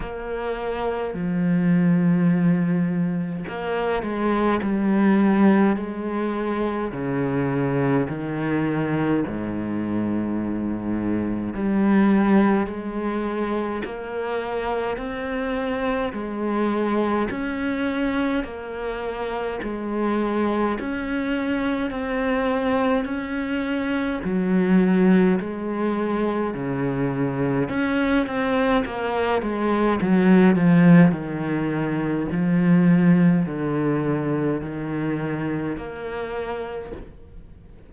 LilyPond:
\new Staff \with { instrumentName = "cello" } { \time 4/4 \tempo 4 = 52 ais4 f2 ais8 gis8 | g4 gis4 cis4 dis4 | gis,2 g4 gis4 | ais4 c'4 gis4 cis'4 |
ais4 gis4 cis'4 c'4 | cis'4 fis4 gis4 cis4 | cis'8 c'8 ais8 gis8 fis8 f8 dis4 | f4 d4 dis4 ais4 | }